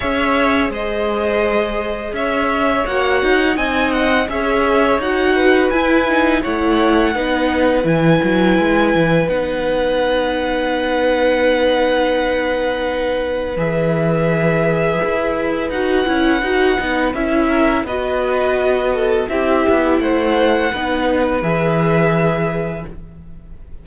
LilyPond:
<<
  \new Staff \with { instrumentName = "violin" } { \time 4/4 \tempo 4 = 84 e''4 dis''2 e''4 | fis''4 gis''8 fis''8 e''4 fis''4 | gis''4 fis''2 gis''4~ | gis''4 fis''2.~ |
fis''2. e''4~ | e''2 fis''2 | e''4 dis''2 e''4 | fis''2 e''2 | }
  \new Staff \with { instrumentName = "violin" } { \time 4/4 cis''4 c''2 cis''4~ | cis''4 dis''4 cis''4. b'8~ | b'4 cis''4 b'2~ | b'1~ |
b'1~ | b'1~ | b'8 ais'8 b'4. a'8 g'4 | c''4 b'2. | }
  \new Staff \with { instrumentName = "viola" } { \time 4/4 gis'1 | fis'4 dis'4 gis'4 fis'4 | e'8 dis'8 e'4 dis'4 e'4~ | e'4 dis'2.~ |
dis'2. gis'4~ | gis'2 fis'8 e'8 fis'8 dis'8 | e'4 fis'2 e'4~ | e'4 dis'4 gis'2 | }
  \new Staff \with { instrumentName = "cello" } { \time 4/4 cis'4 gis2 cis'4 | ais8 dis'8 c'4 cis'4 dis'4 | e'4 a4 b4 e8 fis8 | gis8 e8 b2.~ |
b2. e4~ | e4 e'4 dis'8 cis'8 dis'8 b8 | cis'4 b2 c'8 b8 | a4 b4 e2 | }
>>